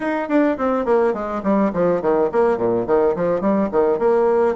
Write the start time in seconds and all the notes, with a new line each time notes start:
0.00 D#4
0.28 D4
0.57 C4
0.85 A#3
1.13 G#3
1.43 G3
1.73 F3
2.01 D#3
2.32 A#3
2.57 A#2
2.86 D#3
3.15 F3
3.40 G3
3.71 D#3
3.98 A#3